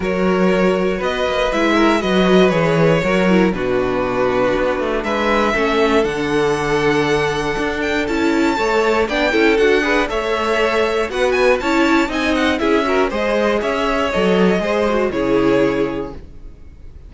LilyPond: <<
  \new Staff \with { instrumentName = "violin" } { \time 4/4 \tempo 4 = 119 cis''2 dis''4 e''4 | dis''4 cis''2 b'4~ | b'2 e''2 | fis''2.~ fis''8 g''8 |
a''2 g''4 fis''4 | e''2 fis''8 gis''8 a''4 | gis''8 fis''8 e''4 dis''4 e''4 | dis''2 cis''2 | }
  \new Staff \with { instrumentName = "violin" } { \time 4/4 ais'2 b'4. ais'8 | b'2 ais'4 fis'4~ | fis'2 b'4 a'4~ | a'1~ |
a'4 cis''4 d''8 a'4 b'8 | cis''2 b'4 cis''4 | dis''4 gis'8 ais'8 c''4 cis''4~ | cis''4 c''4 gis'2 | }
  \new Staff \with { instrumentName = "viola" } { \time 4/4 fis'2. e'4 | fis'4 gis'4 fis'8 e'8 d'4~ | d'2. cis'4 | d'1 |
e'4 a'4 d'8 e'8 fis'8 gis'8 | a'2 fis'4 e'4 | dis'4 e'8 fis'8 gis'2 | a'4 gis'8 fis'8 e'2 | }
  \new Staff \with { instrumentName = "cello" } { \time 4/4 fis2 b8 ais8 gis4 | fis4 e4 fis4 b,4~ | b,4 b8 a8 gis4 a4 | d2. d'4 |
cis'4 a4 b8 cis'8 d'4 | a2 b4 cis'4 | c'4 cis'4 gis4 cis'4 | fis4 gis4 cis2 | }
>>